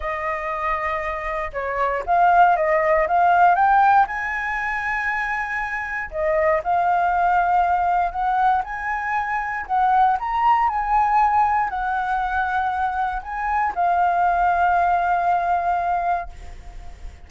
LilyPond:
\new Staff \with { instrumentName = "flute" } { \time 4/4 \tempo 4 = 118 dis''2. cis''4 | f''4 dis''4 f''4 g''4 | gis''1 | dis''4 f''2. |
fis''4 gis''2 fis''4 | ais''4 gis''2 fis''4~ | fis''2 gis''4 f''4~ | f''1 | }